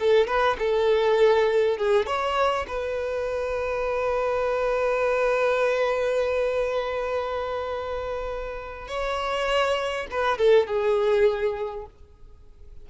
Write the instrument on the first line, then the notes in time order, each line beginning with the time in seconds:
violin
0.00 A4
0.28 B4
0.59 A4
1.78 G#4
2.07 C#5
2.68 B4
8.88 C#5
10.11 B4
10.39 A4
10.67 G#4